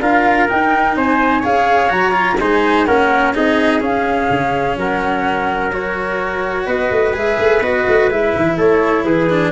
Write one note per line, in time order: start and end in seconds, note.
0.00 0.48 D4
0.00 0.49 F4
0.00 0.97 A#4
0.00 0.48 F5
0.49 1.43 D#4
0.49 0.95 D#4
0.49 0.97 G5
0.95 1.43 C4
0.95 1.40 C5
0.95 1.44 G#5
1.40 1.90 C#4
1.40 1.89 G#4
1.40 2.35 C#5
1.40 1.91 F5
1.89 2.38 F#3
1.89 2.12 F#4
1.89 2.39 A#5
2.12 2.36 F4
2.38 2.86 G#3
2.38 2.87 D#4
2.38 2.87 C5
2.38 2.85 G#5
2.85 3.34 A#3
2.85 3.34 C#4
2.85 3.34 A#4
2.85 3.33 F#5
3.34 3.80 C4
3.34 3.80 D#4
3.34 4.78 G#4
3.34 3.82 D#5
3.80 4.28 C#4
3.80 5.71 C#4
3.80 4.78 F5
4.30 4.76 C#3
4.76 6.67 F#3
4.76 6.66 A#4
4.76 5.72 F#5
5.72 7.13 F#4
5.72 6.67 C#5
6.66 6.90 B3
6.66 8.56 B4
6.66 7.14 D#5
6.91 7.13 A3
7.13 7.37 G#3
7.13 7.61 G#4
7.13 7.62 E5
7.39 7.60 A3
7.60 7.84 B3
7.60 8.10 F#4
7.60 8.10 D#5
7.87 8.09 A3
8.09 8.33 G#3
8.09 9.30 E4
8.09 8.58 E5
8.36 8.58 E3
8.57 9.04 A3
8.57 9.05 A4
8.57 9.04 C#5
9.04 9.52 E3
9.04 9.52 G#4
9.04 9.52 B4
9.30 9.52 D4